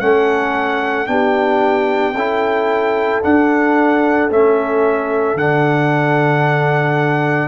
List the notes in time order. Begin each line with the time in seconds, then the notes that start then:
0.00 A3 C#4 A4 F#5
1.07 B3 D4 G4 G5
2.15 C#4 E4 A4
3.23 D4 F#5
4.30 A3 C#4 E5
5.35 D3 D4 F#5